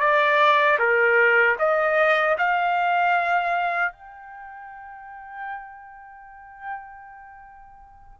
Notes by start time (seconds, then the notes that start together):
0.00 D5
0.79 A#4
1.59 D#5
2.38 F5
3.92 G5